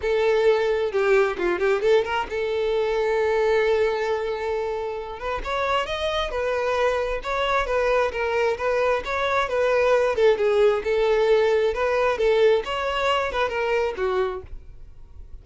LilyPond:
\new Staff \with { instrumentName = "violin" } { \time 4/4 \tempo 4 = 133 a'2 g'4 f'8 g'8 | a'8 ais'8 a'2.~ | a'2.~ a'8 b'8 | cis''4 dis''4 b'2 |
cis''4 b'4 ais'4 b'4 | cis''4 b'4. a'8 gis'4 | a'2 b'4 a'4 | cis''4. b'8 ais'4 fis'4 | }